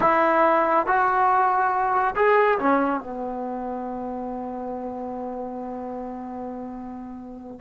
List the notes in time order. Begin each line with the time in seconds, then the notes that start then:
0.00 E4
0.86 F#4
2.15 G#4
2.59 C#4
3.00 B3